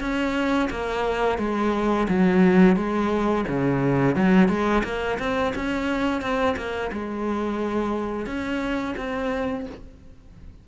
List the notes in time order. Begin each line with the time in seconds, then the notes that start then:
0.00 C#4
0.70 A#3
1.38 G#3
2.08 F#3
2.76 G#3
3.47 C#3
4.15 F#3
4.48 G#3
4.83 A#3
5.19 C4
5.55 C#4
6.21 C4
6.56 A#3
6.92 G#3
8.26 C#4
8.97 C4